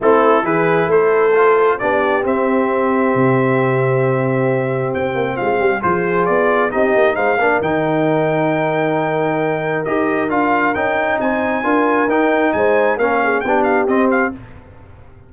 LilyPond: <<
  \new Staff \with { instrumentName = "trumpet" } { \time 4/4 \tempo 4 = 134 a'4 b'4 c''2 | d''4 e''2.~ | e''2. g''4 | f''4 c''4 d''4 dis''4 |
f''4 g''2.~ | g''2 dis''4 f''4 | g''4 gis''2 g''4 | gis''4 f''4 g''8 f''8 dis''8 f''8 | }
  \new Staff \with { instrumentName = "horn" } { \time 4/4 e'4 gis'4 a'2 | g'1~ | g'1 | f'8 g'8 gis'2 g'4 |
c''8 ais'2.~ ais'8~ | ais'1~ | ais'4 c''4 ais'2 | c''4 ais'8 gis'8 g'2 | }
  \new Staff \with { instrumentName = "trombone" } { \time 4/4 c'4 e'2 f'4 | d'4 c'2.~ | c'1~ | c'4 f'2 dis'4~ |
dis'8 d'8 dis'2.~ | dis'2 g'4 f'4 | dis'2 f'4 dis'4~ | dis'4 cis'4 d'4 c'4 | }
  \new Staff \with { instrumentName = "tuba" } { \time 4/4 a4 e4 a2 | b4 c'2 c4~ | c2. c'8 ais8 | gis8 g8 f4 b4 c'8 ais8 |
gis8 ais8 dis2.~ | dis2 dis'4 d'4 | cis'4 c'4 d'4 dis'4 | gis4 ais4 b4 c'4 | }
>>